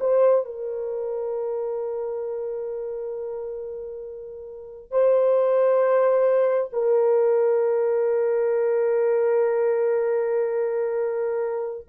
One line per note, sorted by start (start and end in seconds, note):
0.00 0.45 C5
0.45 4.91 A#4
4.91 6.70 C5
6.72 11.87 A#4